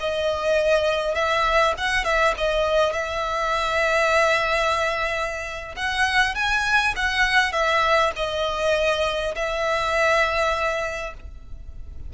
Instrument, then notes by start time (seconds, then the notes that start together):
violin
0.00 D#5
1.15 E5
1.78 F#5
2.04 E5
2.38 D#5
2.93 E5
5.76 F#5
6.35 G#5
6.96 F#5
7.52 E5
8.16 D#5
9.35 E5